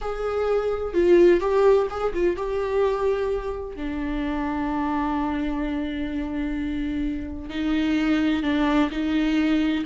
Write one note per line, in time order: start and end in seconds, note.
0.01 0.93 G#4
0.93 1.40 F4
1.40 1.87 G4
1.90 2.13 G#4
2.13 2.36 F4
2.36 3.76 G4
3.76 7.49 D4
7.49 8.43 D#4
8.43 8.89 D4
8.90 9.84 D#4